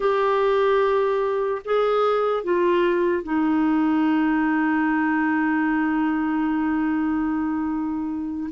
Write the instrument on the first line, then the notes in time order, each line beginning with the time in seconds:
clarinet
0.00 G4
1.64 G#4
2.43 F4
3.23 D#4